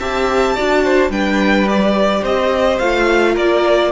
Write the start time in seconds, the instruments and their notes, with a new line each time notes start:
0.00 cello C4, viola G4, violin E5 A5
0.55 cello D4, viola F#4, violin D5
0.84 violin C5
1.10 cello G3, viola D4, violin B4 G5
1.68 viola G4, violin D5
2.22 cello C4, violin C5 D#5
2.79 cello A3, viola F4, violin F5
3.33 cello A#3, violin A#4 D5